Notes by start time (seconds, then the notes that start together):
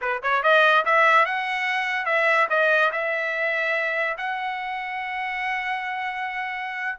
0.01 B4
0.22 C#5
0.43 D#5
0.85 E5
1.25 F#5
2.05 E5
2.49 D#5
2.92 E5
4.17 F#5